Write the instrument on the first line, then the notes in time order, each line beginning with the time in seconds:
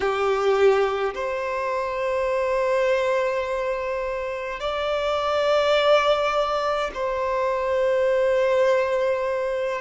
violin
0.00 G4
1.14 C5
4.59 D5
6.94 C5